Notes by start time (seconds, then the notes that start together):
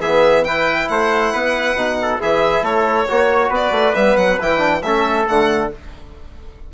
0.00 E3 B3 G#4 E5
0.45 E4 B4 G5
0.89 A3 C5 F#5
1.33 B3 B4
1.75 B2 D#4
2.02 A4
2.20 E3 E4 G#4 E5
2.62 A3 A4 C#5
3.09 A#3 F#4 C#5
3.50 B3 B4 D5
3.71 A3
3.95 G3 B3 E5
4.17 F#3 F#5
4.41 E3 E4 G5
4.58 D4
4.82 A3 C#4 A4 E5
5.26 D3 A3 F#5